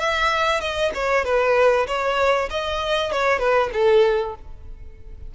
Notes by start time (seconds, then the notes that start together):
0.00 E5
0.61 D#5
0.95 C#5
1.25 B4
1.88 C#5
2.51 D#5
3.12 C#5
3.39 B4
3.73 A4